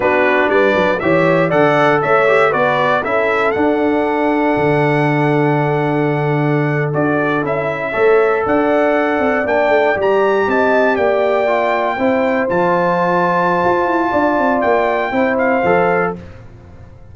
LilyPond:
<<
  \new Staff \with { instrumentName = "trumpet" } { \time 4/4 \tempo 4 = 119 b'4 d''4 e''4 fis''4 | e''4 d''4 e''4 fis''4~ | fis''1~ | fis''4.~ fis''16 d''4 e''4~ e''16~ |
e''8. fis''2 g''4 ais''16~ | ais''8. a''4 g''2~ g''16~ | g''8. a''2.~ a''16~ | a''4 g''4. f''4. | }
  \new Staff \with { instrumentName = "horn" } { \time 4/4 fis'4 b'4 cis''4 d''4 | cis''4 b'4 a'2~ | a'1~ | a'2.~ a'8. cis''16~ |
cis''8. d''2.~ d''16~ | d''8. dis''4 d''2 c''16~ | c''1 | d''2 c''2 | }
  \new Staff \with { instrumentName = "trombone" } { \time 4/4 d'2 g'4 a'4~ | a'8 g'8 fis'4 e'4 d'4~ | d'1~ | d'4.~ d'16 fis'4 e'4 a'16~ |
a'2~ a'8. d'4 g'16~ | g'2~ g'8. f'4 e'16~ | e'8. f'2.~ f'16~ | f'2 e'4 a'4 | }
  \new Staff \with { instrumentName = "tuba" } { \time 4/4 b4 g8 fis8 e4 d4 | a4 b4 cis'4 d'4~ | d'4 d2.~ | d4.~ d16 d'4 cis'4 a16~ |
a8. d'4. c'8 ais8 a8 g16~ | g8. c'4 ais2 c'16~ | c'8. f2~ f16 f'8 e'8 | d'8 c'8 ais4 c'4 f4 | }
>>